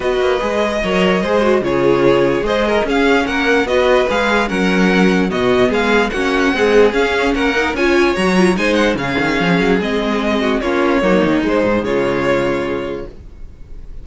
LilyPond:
<<
  \new Staff \with { instrumentName = "violin" } { \time 4/4 \tempo 4 = 147 dis''1 | cis''2 dis''4 f''4 | fis''4 dis''4 f''4 fis''4~ | fis''4 dis''4 f''4 fis''4~ |
fis''4 f''4 fis''4 gis''4 | ais''4 gis''8 fis''8 f''2 | dis''2 cis''2 | c''4 cis''2. | }
  \new Staff \with { instrumentName = "violin" } { \time 4/4 b'2 cis''4 c''4 | gis'2 c''8 ais'8 gis'4 | ais'4 b'2 ais'4~ | ais'4 fis'4 gis'4 fis'4 |
gis'2 ais'4 cis''4~ | cis''4 c''4 gis'2~ | gis'4. fis'8 f'4 dis'4~ | dis'4 f'2. | }
  \new Staff \with { instrumentName = "viola" } { \time 4/4 fis'4 gis'4 ais'4 gis'8 fis'8 | f'2 gis'4 cis'4~ | cis'4 fis'4 gis'4 cis'4~ | cis'4 b2 cis'4 |
gis4 cis'4. dis'8 f'4 | fis'8 f'8 dis'4 cis'2 | c'2 cis'4 ais4 | gis1 | }
  \new Staff \with { instrumentName = "cello" } { \time 4/4 b8 ais8 gis4 fis4 gis4 | cis2 gis4 cis'4 | ais4 b4 gis4 fis4~ | fis4 b,4 gis4 ais4 |
c'4 cis'4 ais4 cis'4 | fis4 gis4 cis8 dis8 f8 fis8 | gis2 ais4 fis8 dis8 | gis8 gis,8 cis2. | }
>>